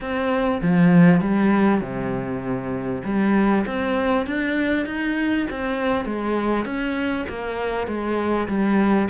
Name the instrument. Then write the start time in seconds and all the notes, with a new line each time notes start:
cello
0.00 C4
0.62 F3
1.20 G3
1.81 C3
3.04 G3
3.66 C4
4.26 D4
4.86 D#4
5.50 C4
6.05 G#3
6.65 C#4
7.29 A#3
7.87 G#3
8.47 G3